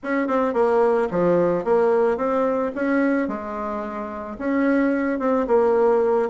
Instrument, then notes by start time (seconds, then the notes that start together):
bassoon
0.03 C#4
0.27 C4
0.53 A#3
1.11 F3
1.64 A#3
2.17 C4
2.75 C#4
3.28 G#3
4.38 C#4
5.19 C4
5.47 A#3